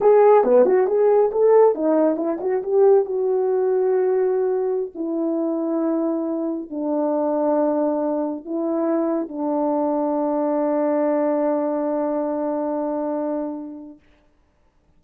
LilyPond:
\new Staff \with { instrumentName = "horn" } { \time 4/4 \tempo 4 = 137 gis'4 b8 fis'8 gis'4 a'4 | dis'4 e'8 fis'8 g'4 fis'4~ | fis'2.~ fis'16 e'8.~ | e'2.~ e'16 d'8.~ |
d'2.~ d'16 e'8.~ | e'4~ e'16 d'2~ d'8.~ | d'1~ | d'1 | }